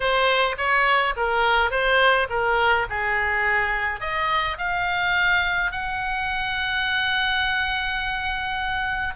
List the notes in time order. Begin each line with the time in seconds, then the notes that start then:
0.00 C5
0.57 C#5
1.16 A#4
1.70 C5
2.29 A#4
2.89 G#4
4.00 D#5
4.58 F5
5.71 F#5